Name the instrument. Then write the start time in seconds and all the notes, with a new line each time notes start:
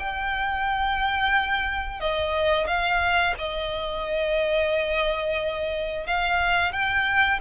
violin
0.00 G5
2.01 D#5
2.67 F5
3.39 D#5
6.07 F5
6.73 G5